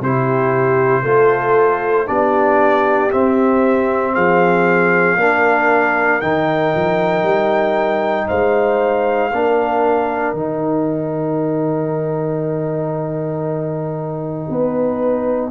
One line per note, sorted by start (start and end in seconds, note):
0.00 1.03 C3
0.00 1.04 E4
0.00 1.02 G4
0.00 2.07 C5
1.02 2.08 A3
1.02 2.06 F4
1.02 2.05 A4
2.06 3.12 B3
2.06 3.10 D4
2.06 4.14 G4
2.06 3.11 D5
3.10 5.17 C4
3.10 4.16 C4
3.10 4.15 E5
4.14 5.16 F3
4.14 5.17 G#4
4.14 6.21 F5
5.16 6.20 A#3
5.16 6.21 D4
5.16 8.27 A#4
6.21 6.74 D#3
6.21 9.31 D#4
6.21 8.28 G5
6.75 7.22 F3
7.22 8.26 G3
8.27 9.32 G#3
8.27 9.31 C5
8.27 10.35 F5
9.32 10.33 A#3
9.32 10.36 D4
9.32 14.50 A#4
10.33 14.47 D#3
10.33 15.51 D#4
10.33 15.51 G5
14.49 15.51 B3
14.49 15.51 B4